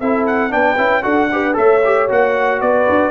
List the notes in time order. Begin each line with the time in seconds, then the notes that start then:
0.00 C4 E4 A4 E5
0.27 F#5
0.51 B3 D4 B4 G5
0.78 C#4 E4
1.03 D4 F#4 A4 F#5
1.33 G4 B4
1.54 A3 A4 C#5 E5
1.85 G4
2.09 A#3 F#4 F#5
2.62 B3 B4 D5
2.90 D4